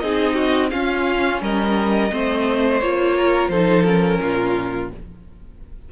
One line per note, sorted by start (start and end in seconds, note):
0.00 0.73 C4
0.00 0.71 D#4
0.00 0.35 G#4
0.00 0.70 D#5
0.35 0.70 F#4
0.71 2.10 C#4
0.71 1.42 C#4
0.71 1.42 F4
0.71 1.41 F5
1.42 2.11 G3
1.42 2.12 A#4
1.42 2.81 D#5
2.11 2.82 A3
2.11 2.81 C4
2.11 3.17 C5
2.81 3.49 A#3
2.81 3.52 F4
2.81 3.49 C#5
3.17 3.51 A#4
3.49 4.19 F3
3.49 3.87 D#4
3.49 4.21 A4
3.49 3.84 C5
3.85 4.92 C#4
3.85 4.90 A#4
4.21 4.91 A#2
4.21 4.92 F4